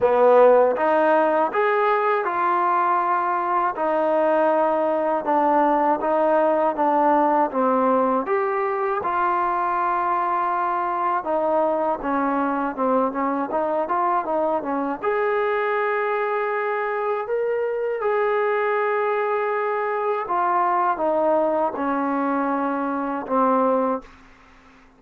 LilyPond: \new Staff \with { instrumentName = "trombone" } { \time 4/4 \tempo 4 = 80 b4 dis'4 gis'4 f'4~ | f'4 dis'2 d'4 | dis'4 d'4 c'4 g'4 | f'2. dis'4 |
cis'4 c'8 cis'8 dis'8 f'8 dis'8 cis'8 | gis'2. ais'4 | gis'2. f'4 | dis'4 cis'2 c'4 | }